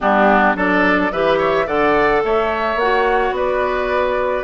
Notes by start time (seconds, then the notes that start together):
0.00 G3 B3 D4 G4
0.55 F#3 D4 A4 D5
1.11 E3 G4 B4 E5
1.38 C#5
1.66 D3 A4 D5 F#5
2.24 A3 C#5 E5
2.75 A#3 F#5
2.81 F#4
3.31 B3 B4 D5